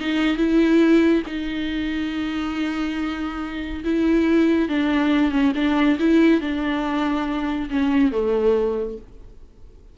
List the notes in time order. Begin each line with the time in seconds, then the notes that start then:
0.00 D#4
0.37 E4
1.27 D#4
3.85 E4
4.69 D4
5.32 C#4
5.55 D4
5.99 E4
6.41 D4
7.71 C#4
8.12 A3